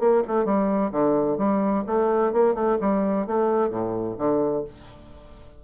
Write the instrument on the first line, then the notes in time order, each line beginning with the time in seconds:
bassoon
0.00 A#3
0.28 A3
0.45 G3
0.92 D3
1.38 G3
1.87 A3
2.33 A#3
2.55 A3
2.81 G3
3.27 A3
3.70 A2
4.19 D3